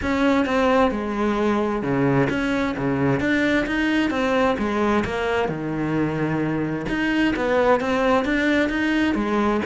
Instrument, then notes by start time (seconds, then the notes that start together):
cello
0.01 C#4
0.45 C4
0.91 G#3
1.82 C#3
2.29 C#4
2.77 C#3
3.20 D4
3.66 D#4
4.10 C4
4.58 G#3
5.04 A#3
5.48 D#3
6.88 D#4
7.35 B3
7.80 C4
8.24 D4
8.69 D#4
9.14 G#3